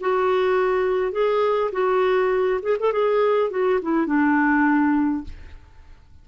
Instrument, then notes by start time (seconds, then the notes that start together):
clarinet
0.00 F#4
1.12 G#4
1.72 F#4
2.62 G#4
2.79 A4
2.92 G#4
3.50 F#4
3.82 E4
4.06 D4